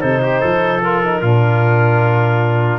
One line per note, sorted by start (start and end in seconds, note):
0.00 0.42 C3
0.00 0.80 D#4
0.00 0.20 A4
0.00 0.81 C5
0.22 0.40 G4
0.40 1.21 F3
0.40 1.20 A4
0.82 1.04 F4
0.82 2.79 A#4
1.04 1.24 D#4
1.21 2.79 A#2
1.21 2.79 D4
1.21 2.79 F4